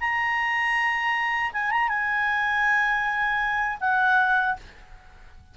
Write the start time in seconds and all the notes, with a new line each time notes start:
0.00 A#5
1.53 G#5
1.71 A#5
1.88 G#5
3.80 F#5